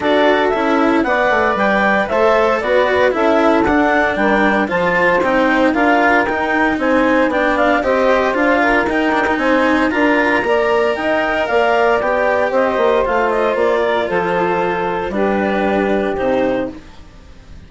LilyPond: <<
  \new Staff \with { instrumentName = "clarinet" } { \time 4/4 \tempo 4 = 115 d''4 e''4 fis''4 g''4 | e''4 d''4 e''4 fis''4 | g''4 a''4 g''4 f''4 | g''4 gis''4 g''8 f''8 dis''4 |
f''4 g''4 gis''4 ais''4~ | ais''4 g''4 f''4 g''4 | dis''4 f''8 dis''8 d''4 c''4~ | c''4 b'2 c''4 | }
  \new Staff \with { instrumentName = "saxophone" } { \time 4/4 a'2 d''2 | c''4 b'4 a'2 | ais'4 c''2 ais'4~ | ais'4 c''4 d''4 c''4~ |
c''8 ais'4. c''4 ais'4 | d''4 dis''4 d''2 | c''2~ c''8 ais'8 a'4~ | a'4 g'2. | }
  \new Staff \with { instrumentName = "cello" } { \time 4/4 fis'4 e'4 b'2 | a'4 fis'4 e'4 d'4~ | d'4 f'4 dis'4 f'4 | dis'2 d'4 g'4 |
f'4 dis'8 d'16 dis'4~ dis'16 f'4 | ais'2. g'4~ | g'4 f'2.~ | f'4 d'2 dis'4 | }
  \new Staff \with { instrumentName = "bassoon" } { \time 4/4 d'4 cis'4 b8 a8 g4 | a4 b4 cis'4 d'4 | g4 f4 c'4 d'4 | dis'4 c'4 b4 c'4 |
d'4 dis'4 c'4 d'4 | ais4 dis'4 ais4 b4 | c'8 ais8 a4 ais4 f4~ | f4 g2 c4 | }
>>